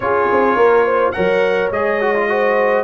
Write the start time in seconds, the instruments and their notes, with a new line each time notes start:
0.00 tuba C#4, trombone F4, horn G#4, trumpet C#5
0.32 tuba C4
0.55 tuba A#3, horn A#4
0.84 horn C5
1.11 tuba F#3, trombone A#4, horn C#5, trumpet F#5
1.70 tuba G#3, trombone G#4, trumpet D#5
2.00 trombone F#4
2.15 trombone F4
2.28 trombone F#4, horn C5